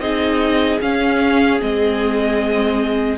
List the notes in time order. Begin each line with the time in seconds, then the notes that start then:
0.00 C4 D#4 G#4 D#5
0.81 C#4 F5
1.61 G#3 C4 D#5